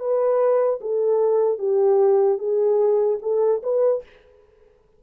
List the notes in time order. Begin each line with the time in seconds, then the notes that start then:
0.00 B4
0.81 A4
1.59 G4
2.39 G#4
3.22 A4
3.63 B4